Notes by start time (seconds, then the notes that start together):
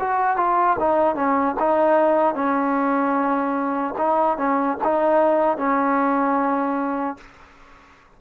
0.00 F#4
0.37 F4
0.80 D#4
1.16 C#4
1.60 D#4
2.35 C#4
3.98 D#4
4.38 C#4
4.84 D#4
5.58 C#4